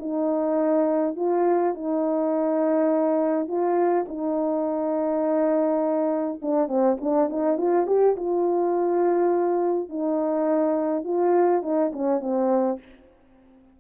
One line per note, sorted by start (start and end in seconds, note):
0.00 1.17 D#4
1.17 1.75 F4
1.75 3.48 D#4
3.48 4.06 F4
4.08 6.41 D#4
6.42 6.68 D4
6.68 6.97 C4
7.01 7.29 D4
7.29 7.58 D#4
7.58 7.87 F4
7.87 8.16 G4
8.17 9.89 F4
9.89 11.04 D#4
11.04 11.63 F4
11.63 11.92 D#4
11.93 12.21 C#4
12.21 12.79 C4